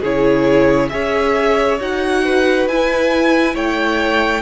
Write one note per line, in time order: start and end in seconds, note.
0.00 0.92 C#3
0.00 0.90 E4
0.00 0.88 G#4
0.00 0.89 C#5
0.89 1.79 C#4
0.89 1.78 G#4
0.89 2.24 C#5
0.89 1.77 E5
1.79 2.67 D#4
1.79 2.69 F#4
1.79 2.67 F#5
2.24 3.54 B4
2.67 3.55 E4
2.67 4.41 E4
2.67 3.56 G#5
3.54 4.41 A3
3.54 4.41 C#5
3.54 4.41 G5